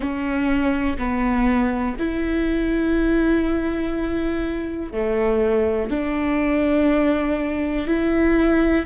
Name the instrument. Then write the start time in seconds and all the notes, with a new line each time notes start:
viola
0.00 C#4
0.98 B3
1.99 E4
4.92 A3
5.90 D4
7.87 E4